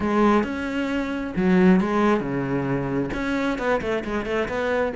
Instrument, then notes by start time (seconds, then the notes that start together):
cello
0.00 G#3
0.43 C#4
1.36 F#3
1.80 G#3
2.20 C#3
3.13 C#4
3.58 B3
3.81 A3
4.04 G#3
4.25 A3
4.48 B3